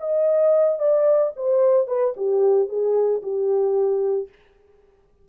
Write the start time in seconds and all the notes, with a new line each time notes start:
0.00 D#5
0.79 D5
1.36 C5
1.88 B4
2.16 G4
2.69 G#4
3.22 G4